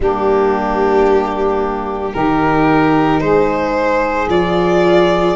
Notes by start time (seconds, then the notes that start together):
0.00 G3 A#3 D4 G4
2.13 D#3 D#4 G4 A#4
3.20 G#3 G#4 C5
4.28 F3 F4 D5